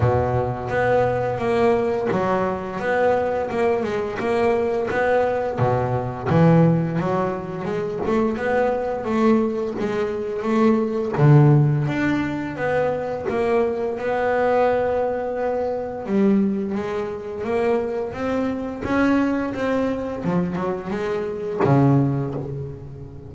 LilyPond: \new Staff \with { instrumentName = "double bass" } { \time 4/4 \tempo 4 = 86 b,4 b4 ais4 fis4 | b4 ais8 gis8 ais4 b4 | b,4 e4 fis4 gis8 a8 | b4 a4 gis4 a4 |
d4 d'4 b4 ais4 | b2. g4 | gis4 ais4 c'4 cis'4 | c'4 f8 fis8 gis4 cis4 | }